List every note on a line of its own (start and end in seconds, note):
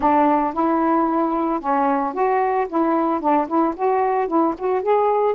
0.00 0.53 D4
0.53 1.60 E4
1.60 2.13 C#4
2.13 2.67 F#4
2.68 3.20 E4
3.20 3.47 D4
3.47 3.74 E4
3.75 4.27 F#4
4.27 4.54 E4
4.58 4.82 F#4
4.82 5.34 G#4